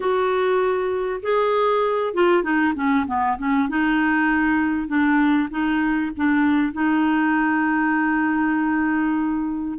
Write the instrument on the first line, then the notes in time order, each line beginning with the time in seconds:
clarinet
0.00 F#4
1.22 G#4
2.13 F4
2.43 D#4
2.75 C#4
3.06 B3
3.38 C#4
3.68 D#4
4.87 D4
5.50 D#4
6.16 D4
6.73 D#4